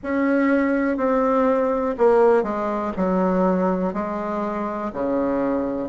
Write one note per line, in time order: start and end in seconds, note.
0.03 0.97 C#4
0.97 1.95 C4
1.98 2.43 A#3
2.43 2.92 G#3
2.96 3.93 F#3
3.93 4.91 G#3
4.93 5.89 C#3